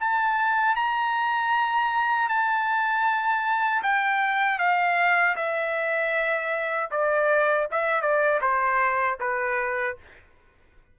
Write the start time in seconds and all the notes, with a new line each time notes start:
0.00 A5
0.76 A#5
2.29 A5
3.83 G5
4.59 F5
5.36 E5
6.91 D5
7.71 E5
8.02 D5
8.41 C5
9.20 B4